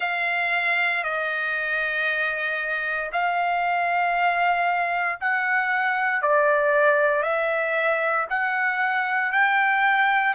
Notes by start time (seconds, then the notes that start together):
0.00 F5
1.03 D#5
3.12 F5
5.20 F#5
6.22 D5
7.22 E5
8.29 F#5
9.32 G5